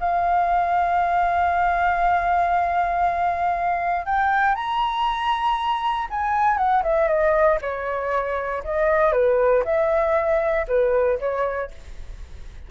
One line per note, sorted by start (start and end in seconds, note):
0.00 4.06 F5
4.06 4.56 G5
4.56 6.08 A#5
6.11 6.58 G#5
6.58 6.83 F#5
6.83 7.08 E5
7.08 7.59 D#5
7.62 8.63 C#5
8.64 9.13 D#5
9.13 9.64 B4
9.65 10.67 E5
10.68 11.19 B4
11.20 11.71 C#5